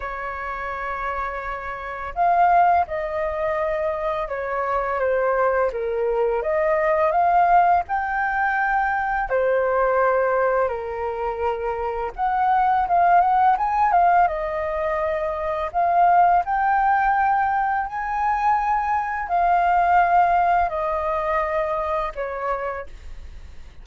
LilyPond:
\new Staff \with { instrumentName = "flute" } { \time 4/4 \tempo 4 = 84 cis''2. f''4 | dis''2 cis''4 c''4 | ais'4 dis''4 f''4 g''4~ | g''4 c''2 ais'4~ |
ais'4 fis''4 f''8 fis''8 gis''8 f''8 | dis''2 f''4 g''4~ | g''4 gis''2 f''4~ | f''4 dis''2 cis''4 | }